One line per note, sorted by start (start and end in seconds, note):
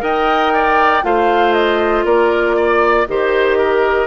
0.00 1.03 D#4
0.00 1.02 A#4
0.00 0.53 D#5
0.00 1.04 G5
0.53 1.04 D5
1.03 2.04 A3
1.03 3.06 F4
1.03 2.05 C5
1.03 1.53 F5
1.53 2.04 D#5
2.04 3.06 A#3
2.04 2.56 A#4
2.04 3.06 D5
2.56 3.07 D5
3.07 4.07 D#3
3.07 4.07 G4
3.07 3.58 C5
3.07 4.07 D#5
3.58 4.07 A#4